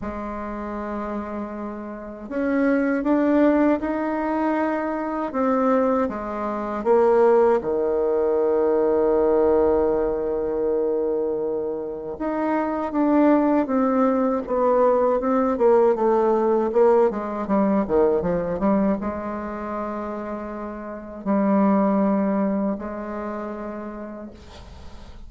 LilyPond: \new Staff \with { instrumentName = "bassoon" } { \time 4/4 \tempo 4 = 79 gis2. cis'4 | d'4 dis'2 c'4 | gis4 ais4 dis2~ | dis1 |
dis'4 d'4 c'4 b4 | c'8 ais8 a4 ais8 gis8 g8 dis8 | f8 g8 gis2. | g2 gis2 | }